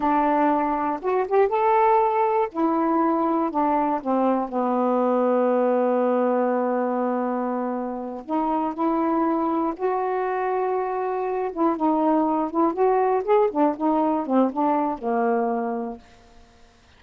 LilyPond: \new Staff \with { instrumentName = "saxophone" } { \time 4/4 \tempo 4 = 120 d'2 fis'8 g'8 a'4~ | a'4 e'2 d'4 | c'4 b2.~ | b1~ |
b8 dis'4 e'2 fis'8~ | fis'2. e'8 dis'8~ | dis'4 e'8 fis'4 gis'8 d'8 dis'8~ | dis'8 c'8 d'4 ais2 | }